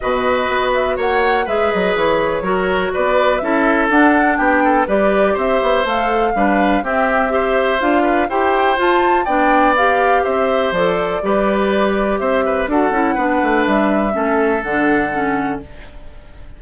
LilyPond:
<<
  \new Staff \with { instrumentName = "flute" } { \time 4/4 \tempo 4 = 123 dis''4. e''8 fis''4 e''8 dis''8 | cis''2 d''4 e''4 | fis''4 g''4 d''4 e''4 | f''2 e''2 |
f''4 g''4 a''4 g''4 | f''4 e''4 d''2~ | d''4 e''4 fis''2 | e''2 fis''2 | }
  \new Staff \with { instrumentName = "oboe" } { \time 4/4 b'2 cis''4 b'4~ | b'4 ais'4 b'4 a'4~ | a'4 g'8 a'8 b'4 c''4~ | c''4 b'4 g'4 c''4~ |
c''8 b'8 c''2 d''4~ | d''4 c''2 b'4~ | b'4 c''8 b'8 a'4 b'4~ | b'4 a'2. | }
  \new Staff \with { instrumentName = "clarinet" } { \time 4/4 fis'2. gis'4~ | gis'4 fis'2 e'4 | d'2 g'2 | a'4 d'4 c'4 g'4 |
f'4 g'4 f'4 d'4 | g'2 a'4 g'4~ | g'2 fis'8 e'8 d'4~ | d'4 cis'4 d'4 cis'4 | }
  \new Staff \with { instrumentName = "bassoon" } { \time 4/4 b,4 b4 ais4 gis8 fis8 | e4 fis4 b4 cis'4 | d'4 b4 g4 c'8 b8 | a4 g4 c'2 |
d'4 e'4 f'4 b4~ | b4 c'4 f4 g4~ | g4 c'4 d'8 cis'8 b8 a8 | g4 a4 d2 | }
>>